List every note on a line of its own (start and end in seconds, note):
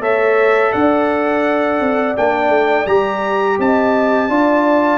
0.00 0.71 A3
0.00 2.15 A4
0.00 0.72 C#5
0.00 0.73 E5
0.72 1.80 D4
0.72 3.58 D5
0.72 2.16 F#5
1.80 2.16 C4
2.17 2.50 A#3
2.17 2.87 D4
2.17 2.86 G5
2.50 2.85 A3
2.86 3.58 G3
2.86 4.30 G4
2.86 3.58 A#5
3.59 4.29 C4
3.59 4.30 D#5
3.59 4.98 A5
4.29 4.98 D4
4.29 4.98 F4
4.29 4.98 D5